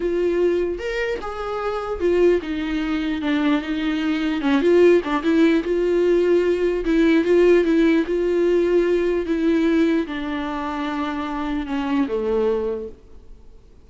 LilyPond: \new Staff \with { instrumentName = "viola" } { \time 4/4 \tempo 4 = 149 f'2 ais'4 gis'4~ | gis'4 f'4 dis'2 | d'4 dis'2 cis'8 f'8~ | f'8 d'8 e'4 f'2~ |
f'4 e'4 f'4 e'4 | f'2. e'4~ | e'4 d'2.~ | d'4 cis'4 a2 | }